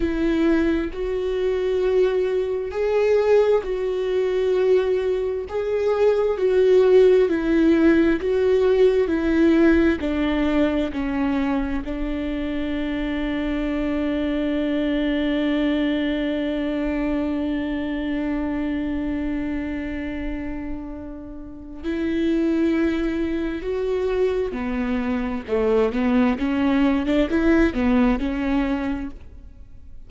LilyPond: \new Staff \with { instrumentName = "viola" } { \time 4/4 \tempo 4 = 66 e'4 fis'2 gis'4 | fis'2 gis'4 fis'4 | e'4 fis'4 e'4 d'4 | cis'4 d'2.~ |
d'1~ | d'1 | e'2 fis'4 b4 | a8 b8 cis'8. d'16 e'8 b8 cis'4 | }